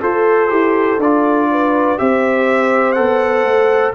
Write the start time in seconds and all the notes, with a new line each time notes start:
0.00 F4 A4 C5
0.49 E4 G4
0.97 D4 F4 D5
1.51 B4
1.98 C4 G4 C5 E5
2.92 B3 A4 F#5
3.44 A3